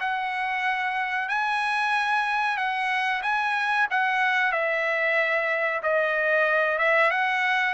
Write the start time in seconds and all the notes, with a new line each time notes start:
0.00 F#5
1.29 G#5
2.57 F#5
3.23 G#5
3.91 F#5
4.52 E5
5.83 D#5
6.79 E5
7.11 F#5